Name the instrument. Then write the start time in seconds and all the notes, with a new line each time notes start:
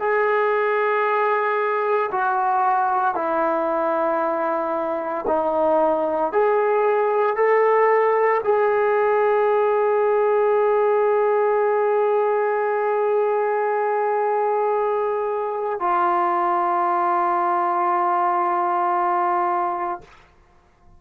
trombone
0.00 G#4
2.12 F#4
3.15 E4
5.27 D#4
6.33 G#4
7.36 A4
8.44 G#4
15.80 F4